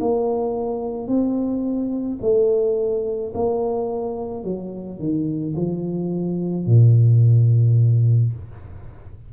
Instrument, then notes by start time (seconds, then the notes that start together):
tuba
0.00 A#3
1.07 C4
2.21 A3
3.34 A#3
4.44 F#3
4.99 D#3
5.56 F3
6.66 A#2